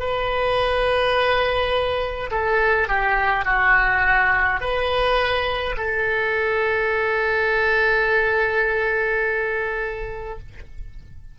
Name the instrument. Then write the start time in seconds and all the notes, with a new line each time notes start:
oboe
0.00 B4
2.31 A4
2.88 G4
3.45 F#4
4.60 B4
5.77 A4